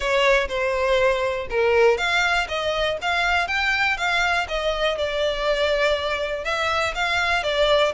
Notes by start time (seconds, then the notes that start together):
0.00 C#5
0.48 C5
1.50 A#4
1.97 F5
2.48 D#5
3.01 F5
3.47 G5
3.97 F5
4.48 D#5
4.97 D5
6.44 E5
6.94 F5
7.43 D5